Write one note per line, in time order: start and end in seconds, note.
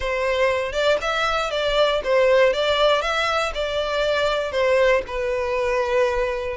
0.00 0.72 C5
0.72 0.97 D5
1.01 1.50 E5
1.50 2.01 D5
2.04 2.53 C5
2.53 3.01 D5
3.01 3.52 E5
3.54 4.51 D5
4.51 5.02 C5
5.07 6.56 B4